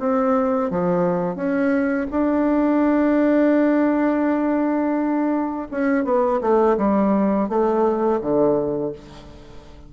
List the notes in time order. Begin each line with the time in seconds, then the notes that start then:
0.00 C4
0.71 F3
1.36 C#4
2.11 D4
5.72 C#4
6.05 B3
6.42 A3
6.78 G3
7.49 A3
8.21 D3